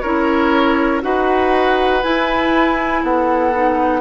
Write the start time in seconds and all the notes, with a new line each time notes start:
0.00 C#4 E4 A#4 C#5
1.02 D#4 F#4 B4 F#5
2.03 E4 G#5
3.02 B3 A4 F#5
3.53 D#4